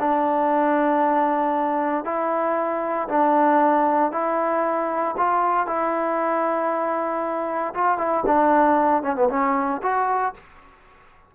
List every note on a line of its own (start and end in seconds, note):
0.00 2.05 D4
2.05 3.09 E4
3.09 4.12 D4
4.12 5.16 E4
5.18 5.67 F4
5.67 7.74 E4
7.75 7.98 F4
7.98 8.24 E4
8.27 9.03 D4
9.03 9.16 C#4
9.16 9.29 B3
9.30 9.82 C#4
9.83 10.34 F#4